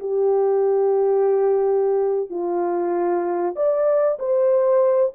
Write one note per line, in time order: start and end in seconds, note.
0.00 2.30 G4
2.30 3.55 F4
3.56 4.18 D5
4.19 5.13 C5